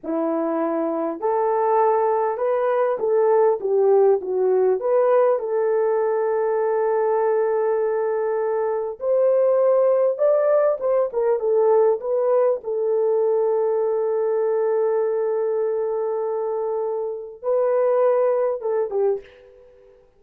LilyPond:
\new Staff \with { instrumentName = "horn" } { \time 4/4 \tempo 4 = 100 e'2 a'2 | b'4 a'4 g'4 fis'4 | b'4 a'2.~ | a'2. c''4~ |
c''4 d''4 c''8 ais'8 a'4 | b'4 a'2.~ | a'1~ | a'4 b'2 a'8 g'8 | }